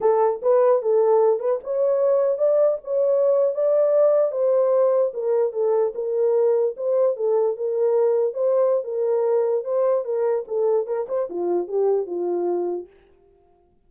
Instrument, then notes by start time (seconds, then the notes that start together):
horn
0.01 A4
0.42 B4
0.82 A4
1.39 B4
1.63 C#5
2.38 D5
2.84 C#5
3.54 D5
4.31 C5
5.13 A#4
5.53 A4
5.94 A#4
6.76 C5
7.16 A4
7.56 A#4
8.33 C5
8.84 A#4
9.64 C5
10.04 A#4
10.47 A4
10.86 A#4
11.08 C5
11.29 F4
11.67 G4
12.06 F4